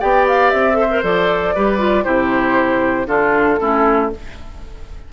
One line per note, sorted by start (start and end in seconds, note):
0.00 0.53 B3
0.00 0.73 G4
0.00 0.77 D5
0.00 0.26 G5
0.28 0.50 F5
0.50 1.03 C4
0.50 1.01 E5
0.73 0.86 A4
0.80 1.54 C5
0.90 1.03 A#4
1.03 1.54 F3
1.03 1.54 A4
1.03 2.04 D5
1.54 2.06 G3
1.54 1.78 G4
1.54 2.04 B4
1.78 2.04 F4
2.04 3.07 C3
2.04 3.06 E4
2.04 3.07 G4
2.04 3.06 C5
3.06 3.59 D3
3.06 3.57 D4
3.06 3.59 F4
3.06 4.10 A4
3.60 4.13 A3
3.60 4.11 C#4
3.60 4.12 E4